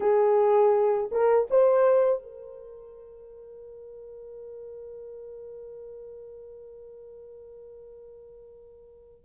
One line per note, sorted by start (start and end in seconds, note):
0.00 1.09 G#4
1.11 1.48 A#4
1.50 2.22 C5
2.22 9.24 A#4